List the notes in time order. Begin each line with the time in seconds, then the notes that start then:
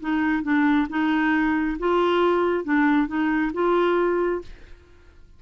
0.00 D#4
0.43 D4
0.89 D#4
1.79 F4
2.64 D4
3.07 D#4
3.53 F4